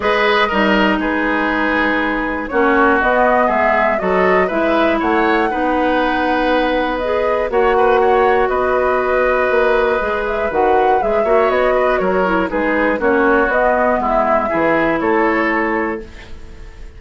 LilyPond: <<
  \new Staff \with { instrumentName = "flute" } { \time 4/4 \tempo 4 = 120 dis''2 b'2~ | b'4 cis''4 dis''4 e''4 | dis''4 e''4 fis''2~ | fis''2 dis''4 fis''4~ |
fis''4 dis''2.~ | dis''8 e''8 fis''4 e''4 dis''4 | cis''4 b'4 cis''4 dis''4 | e''2 cis''2 | }
  \new Staff \with { instrumentName = "oboe" } { \time 4/4 b'4 ais'4 gis'2~ | gis'4 fis'2 gis'4 | a'4 b'4 cis''4 b'4~ | b'2. cis''8 b'8 |
cis''4 b'2.~ | b'2~ b'8 cis''4 b'8 | ais'4 gis'4 fis'2 | e'4 gis'4 a'2 | }
  \new Staff \with { instrumentName = "clarinet" } { \time 4/4 gis'4 dis'2.~ | dis'4 cis'4 b2 | fis'4 e'2 dis'4~ | dis'2 gis'4 fis'4~ |
fis'1 | gis'4 fis'4 gis'8 fis'4.~ | fis'8 e'8 dis'4 cis'4 b4~ | b4 e'2. | }
  \new Staff \with { instrumentName = "bassoon" } { \time 4/4 gis4 g4 gis2~ | gis4 ais4 b4 gis4 | fis4 gis4 a4 b4~ | b2. ais4~ |
ais4 b2 ais4 | gis4 dis4 gis8 ais8 b4 | fis4 gis4 ais4 b4 | gis4 e4 a2 | }
>>